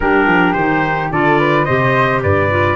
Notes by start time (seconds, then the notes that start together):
0.00 G3 D4 G4 A#4
0.26 F3
0.53 D#3 D#4 C5
1.11 D3 F4 A4 D5
1.39 B4
1.64 C3 G4 C5 D#5
2.22 G2 B4 D5
2.50 F4